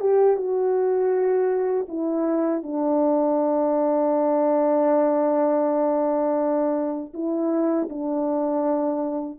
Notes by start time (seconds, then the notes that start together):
0.00 G4
0.36 F#4
1.88 E4
2.62 D4
7.14 E4
7.89 D4